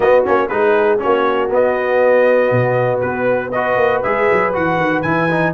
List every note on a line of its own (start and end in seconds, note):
0.00 0.24 B3
0.00 0.49 F#4
0.00 0.24 D#5
0.24 0.49 A#3
0.24 0.49 C#4
0.24 0.48 C#5
0.48 0.99 G#3
0.48 0.98 D#4
0.48 1.02 G#4
0.48 0.99 B4
0.98 1.48 C#4
0.98 3.53 F#4
0.98 1.50 C#5
1.04 1.51 A#3
1.50 3.52 B3
1.50 2.51 B3
1.50 3.00 D#5
2.51 3.01 B2
3.00 3.76 B3
3.00 3.50 B4
3.51 4.03 F#4
3.51 5.54 B4
3.51 4.02 D#5
3.76 4.01 A#3
4.02 4.29 G#3
4.02 4.53 G#4
4.02 4.53 E5
4.31 4.56 F#3
4.53 4.77 E3
4.53 5.03 F#4
4.53 5.02 F#5
4.77 5.02 D#3
5.02 5.54 E3
5.02 5.29 E4
5.02 5.52 G#5
5.30 5.54 D#4